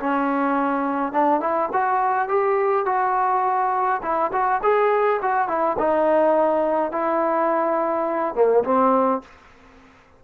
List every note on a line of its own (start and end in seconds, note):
0.00 1.12 C#4
1.12 1.40 D4
1.40 1.69 E4
1.73 2.28 F#4
2.28 2.85 G4
2.85 4.01 F#4
4.02 4.31 E4
4.32 4.61 F#4
4.62 5.20 G#4
5.22 5.48 F#4
5.48 5.76 E4
5.78 6.91 D#4
6.91 8.34 E4
8.34 8.63 A#3
8.64 9.21 C4